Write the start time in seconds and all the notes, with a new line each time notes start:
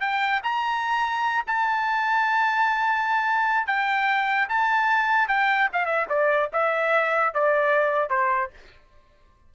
0.00 G5
0.43 A#5
1.47 A5
3.67 G5
4.48 A5
5.28 G5
5.72 F5
5.85 E5
6.09 D5
6.53 E5
7.34 D5
8.10 C5